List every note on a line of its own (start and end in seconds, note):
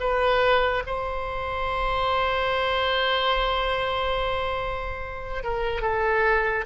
0.00 0.83 B4
0.86 5.44 C5
5.44 5.81 A#4
5.81 6.65 A4